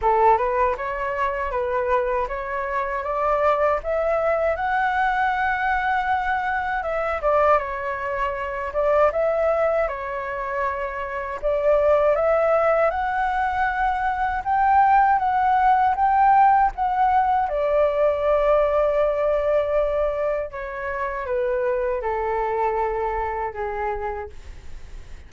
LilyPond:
\new Staff \with { instrumentName = "flute" } { \time 4/4 \tempo 4 = 79 a'8 b'8 cis''4 b'4 cis''4 | d''4 e''4 fis''2~ | fis''4 e''8 d''8 cis''4. d''8 | e''4 cis''2 d''4 |
e''4 fis''2 g''4 | fis''4 g''4 fis''4 d''4~ | d''2. cis''4 | b'4 a'2 gis'4 | }